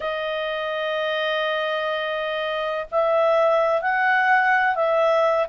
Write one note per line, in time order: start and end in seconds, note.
0.00 2.86 D#5
2.90 3.81 E5
3.81 4.75 F#5
4.75 5.46 E5